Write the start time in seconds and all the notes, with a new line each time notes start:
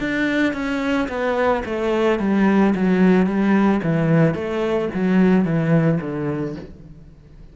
0.00 D4
0.53 C#4
1.08 B3
1.65 A3
2.19 G3
2.75 F#3
3.26 G3
3.83 E3
4.34 A3
4.94 F#3
5.44 E3
6.00 D3